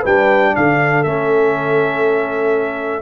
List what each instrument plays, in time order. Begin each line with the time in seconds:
0.00 tuba G3, trombone D4, horn B4, trumpet G5
0.55 tuba D3, horn A4, trumpet F5
1.03 tuba A3, trombone C#4, trumpet E5